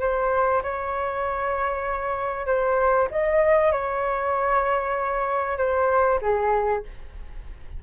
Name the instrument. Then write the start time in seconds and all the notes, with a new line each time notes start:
flute
0.00 C5
0.63 C#5
2.46 C5
3.11 D#5
3.72 C#5
5.58 C5
6.21 G#4